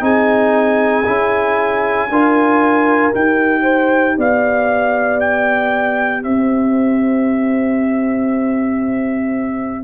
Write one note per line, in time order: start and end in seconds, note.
0.00 1.05 C4
0.00 1.03 D#4
0.00 2.09 G#4
0.00 3.14 G#5
1.05 2.09 C#4
1.05 2.08 E4
2.09 3.13 D4
2.09 3.11 F4
2.09 3.62 A#4
3.11 4.17 D#4
3.11 9.84 G4
3.11 4.18 G5
3.62 4.14 C5
4.17 6.24 B3
4.17 6.23 D5
4.17 5.20 F5
5.20 6.23 G5
6.23 9.84 C4
6.23 9.84 C5
6.23 9.84 E5